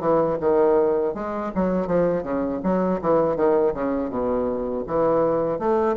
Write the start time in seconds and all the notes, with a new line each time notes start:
0.00 E3
0.40 D#3
1.14 G#3
1.55 F#3
1.87 F3
2.23 C#3
2.63 F#3
3.01 E3
3.36 D#3
3.73 C#3
4.10 B2
4.87 E3
5.59 A3